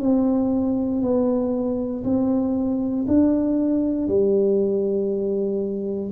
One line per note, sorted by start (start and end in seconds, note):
0.00 1.02 C4
1.02 2.03 B3
2.04 3.06 C4
3.08 4.08 D4
4.08 6.11 G3